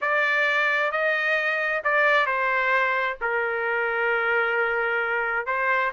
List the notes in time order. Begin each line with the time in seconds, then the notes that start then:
0.01 D5
0.91 D#5
1.83 D5
2.26 C5
3.21 A#4
5.46 C5